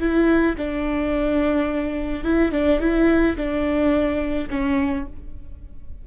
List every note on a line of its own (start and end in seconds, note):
0.00 0.56 E4
0.58 2.24 D4
2.24 2.52 E4
2.52 2.80 D4
2.80 3.36 E4
3.37 4.49 D4
4.50 5.06 C#4